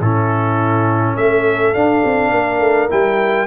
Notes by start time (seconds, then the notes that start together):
0.00 A2 C#4 E4 A4
1.16 A3 A4 E5
1.74 D4 F5
2.04 C4
2.31 A#3 A#4
2.60 A3
2.89 G3 E4 G5